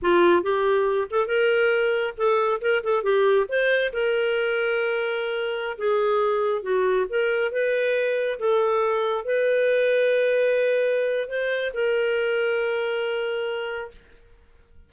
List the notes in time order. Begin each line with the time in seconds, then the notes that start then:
0.02 F4
0.42 G4
1.10 A4
1.27 A#4
2.17 A4
2.61 A#4
2.83 A4
3.03 G4
3.48 C5
3.92 A#4
5.78 G#4
6.62 F#4
7.09 A#4
7.51 B4
8.39 A4
9.24 B4
11.28 C5
11.73 A#4